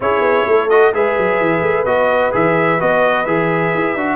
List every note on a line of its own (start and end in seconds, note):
0.00 0.21 C#4
0.00 0.70 E4
0.00 0.48 G#4
0.00 0.69 C#5
0.21 0.44 B3
0.47 0.93 A3
0.47 0.95 A4
0.69 0.93 F#4
0.69 0.93 D#5
0.93 1.17 G#3
0.93 1.86 G#4
0.93 4.16 B4
0.93 1.85 E5
1.17 1.40 F#3
1.40 1.61 E3
1.61 1.84 A3
1.85 2.32 B3
1.85 2.32 F#4
1.85 2.31 D#5
2.32 2.80 E3
2.32 2.78 G#4
2.32 2.81 E5
2.79 3.26 B3
2.79 3.25 F#4
2.79 3.25 D#5
3.25 3.72 E3
3.25 3.96 G#4
3.25 4.16 E5
3.74 3.94 E4
3.94 4.16 D4
3.94 4.16 F#4